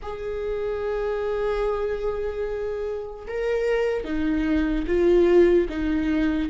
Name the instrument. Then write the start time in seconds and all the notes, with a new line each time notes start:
viola
0.02 G#4
3.27 A#4
4.04 D#4
4.86 F4
5.69 D#4